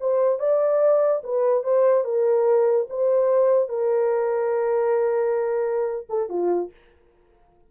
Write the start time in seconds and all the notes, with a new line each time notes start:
0.00 C5
0.39 D5
1.24 B4
1.64 C5
2.04 A#4
2.89 C5
3.69 A#4
6.09 A4
6.29 F4